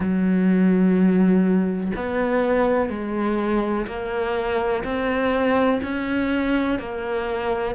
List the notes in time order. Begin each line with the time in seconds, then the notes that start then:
0.00 F#3
1.96 B3
2.89 G#3
3.86 A#3
4.83 C4
5.82 C#4
6.79 A#3